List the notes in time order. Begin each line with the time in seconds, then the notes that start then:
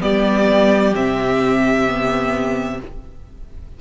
0.00 G3 B3 G4 D5
0.96 C3 C4 E5
1.88 B3